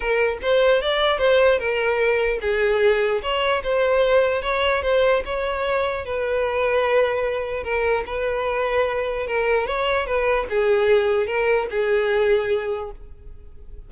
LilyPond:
\new Staff \with { instrumentName = "violin" } { \time 4/4 \tempo 4 = 149 ais'4 c''4 d''4 c''4 | ais'2 gis'2 | cis''4 c''2 cis''4 | c''4 cis''2 b'4~ |
b'2. ais'4 | b'2. ais'4 | cis''4 b'4 gis'2 | ais'4 gis'2. | }